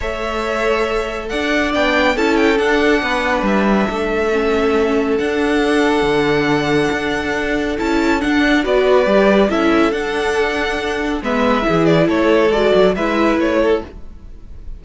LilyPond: <<
  \new Staff \with { instrumentName = "violin" } { \time 4/4 \tempo 4 = 139 e''2. fis''4 | g''4 a''8 g''8 fis''2 | e''1 | fis''1~ |
fis''2 a''4 fis''4 | d''2 e''4 fis''4~ | fis''2 e''4. d''8 | cis''4 d''4 e''4 cis''4 | }
  \new Staff \with { instrumentName = "violin" } { \time 4/4 cis''2. d''4~ | d''4 a'2 b'4~ | b'4 a'2.~ | a'1~ |
a'1 | b'2 a'2~ | a'2 b'4 gis'4 | a'2 b'4. a'8 | }
  \new Staff \with { instrumentName = "viola" } { \time 4/4 a'1 | d'4 e'4 d'2~ | d'2 cis'2 | d'1~ |
d'2 e'4 d'4 | fis'4 g'4 e'4 d'4~ | d'2 b4 e'4~ | e'4 fis'4 e'2 | }
  \new Staff \with { instrumentName = "cello" } { \time 4/4 a2. d'4 | b4 cis'4 d'4 b4 | g4 a2. | d'2 d2 |
d'2 cis'4 d'4 | b4 g4 cis'4 d'4~ | d'2 gis4 e4 | a4 gis8 fis8 gis4 a4 | }
>>